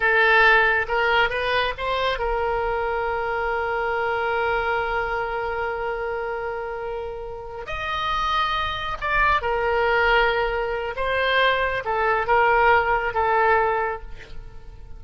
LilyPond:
\new Staff \with { instrumentName = "oboe" } { \time 4/4 \tempo 4 = 137 a'2 ais'4 b'4 | c''4 ais'2.~ | ais'1~ | ais'1~ |
ais'4. dis''2~ dis''8~ | dis''8 d''4 ais'2~ ais'8~ | ais'4 c''2 a'4 | ais'2 a'2 | }